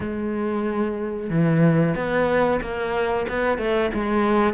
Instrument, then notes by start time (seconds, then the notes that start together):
cello
0.00 G#3
1.30 E3
1.95 B3
2.61 A#3
3.28 B3
3.58 A3
3.94 G#3